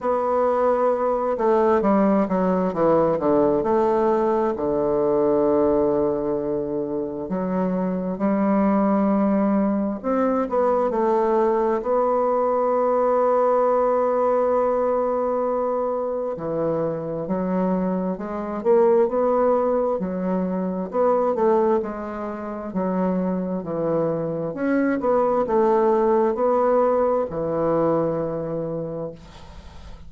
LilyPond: \new Staff \with { instrumentName = "bassoon" } { \time 4/4 \tempo 4 = 66 b4. a8 g8 fis8 e8 d8 | a4 d2. | fis4 g2 c'8 b8 | a4 b2.~ |
b2 e4 fis4 | gis8 ais8 b4 fis4 b8 a8 | gis4 fis4 e4 cis'8 b8 | a4 b4 e2 | }